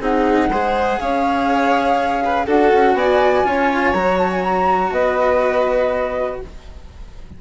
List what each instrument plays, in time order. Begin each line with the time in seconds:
0.00 bassoon C4, cello D#4, violin G#4, flute F#5
0.48 bassoon G#3, cello G#4, violin C5
0.99 bassoon C#4, violin C#5, flute F5
2.24 violin B4
2.46 bassoon D4, cello F#4, violin A4, flute F#5
2.72 bassoon C#4
2.93 bassoon B3, violin D5, flute G#5
3.44 bassoon C#4, cello F4, violin C#5
3.92 bassoon F#3, cello F#4, flute A#5
4.17 flute A5
4.31 flute G#5
4.43 flute A#5
4.90 bassoon B3, violin B4, flute D#5